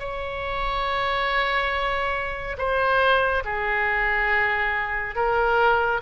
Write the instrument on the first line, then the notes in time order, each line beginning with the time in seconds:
oboe
0.00 C#5
2.58 C5
3.45 G#4
5.16 A#4